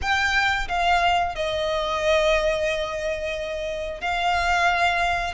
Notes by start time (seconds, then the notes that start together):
0.01 G5
0.68 F5
1.35 D#5
4.01 F5